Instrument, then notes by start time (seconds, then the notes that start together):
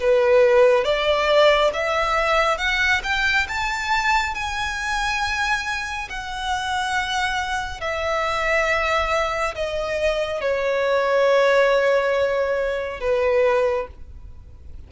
violin
0.00 B4
0.84 D5
1.74 E5
2.58 F#5
3.04 G5
3.48 A5
4.35 G#5
6.09 F#5
7.81 E5
9.55 D#5
10.41 C#5
13.00 B4